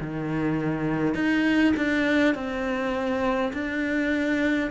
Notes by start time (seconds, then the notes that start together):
0.00 D#3
1.14 D#4
1.76 D4
2.35 C4
3.53 D4